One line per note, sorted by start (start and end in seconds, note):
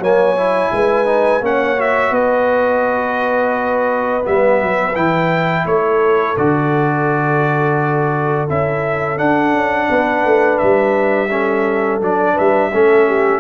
0.00 0.71 F#3
0.00 0.37 A#3
0.00 0.72 C#5
0.00 1.45 G#5
0.37 1.06 E4
0.73 1.41 G#3
0.73 1.45 B4
1.06 1.41 D#4
1.41 2.11 A#3
1.41 1.77 C#4
1.41 2.12 C#5
1.41 1.81 F#5
1.78 4.23 F#4
1.78 2.14 E5
2.11 4.23 B3
2.11 5.65 B4
2.11 4.26 D#5
4.23 4.62 G3
4.23 4.94 B3
4.23 4.96 E5
4.62 4.96 F#3
4.95 5.66 E3
4.95 6.37 E4
4.95 5.67 G5
5.66 6.37 A3
5.66 9.89 A4
5.66 6.37 C#5
6.38 8.50 D3
6.38 8.48 F#4
6.38 8.50 D5
8.48 9.20 C#4
8.48 9.18 E4
8.48 9.19 E5
9.18 11.29 D4
9.18 9.54 D4
9.18 10.59 F#5
9.54 9.89 C#4
9.89 10.25 B3
9.89 11.30 B4
10.25 10.61 A3
10.59 12.02 G3
10.59 12.00 E5
11.31 12.01 C#4
11.31 12.34 A4
12.02 12.37 F#3
12.02 12.72 D4
12.02 12.38 D5
12.34 12.69 B4
12.34 13.40 E5
12.40 12.74 G3
12.74 13.40 A3
12.74 13.40 C#4
12.74 13.08 A4
13.08 13.40 G4